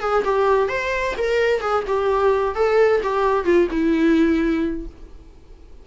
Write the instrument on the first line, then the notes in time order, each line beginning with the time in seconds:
viola
0.00 G#4
0.24 G4
0.68 C5
1.17 A#4
1.60 G#4
1.87 G4
2.55 A4
3.03 G4
3.44 F4
3.70 E4